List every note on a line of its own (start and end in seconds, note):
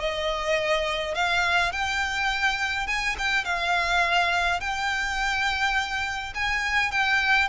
0.00 1.15 D#5
1.15 1.72 F5
1.72 2.87 G5
2.87 3.16 G#5
3.18 3.45 G5
3.45 4.60 F5
4.60 6.34 G5
6.35 6.92 G#5
6.92 7.49 G5